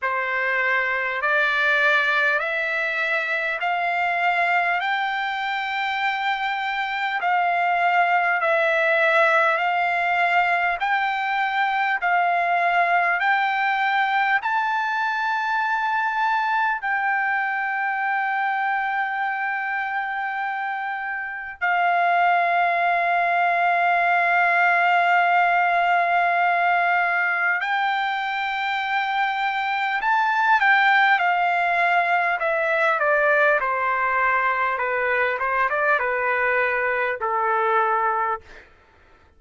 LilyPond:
\new Staff \with { instrumentName = "trumpet" } { \time 4/4 \tempo 4 = 50 c''4 d''4 e''4 f''4 | g''2 f''4 e''4 | f''4 g''4 f''4 g''4 | a''2 g''2~ |
g''2 f''2~ | f''2. g''4~ | g''4 a''8 g''8 f''4 e''8 d''8 | c''4 b'8 c''16 d''16 b'4 a'4 | }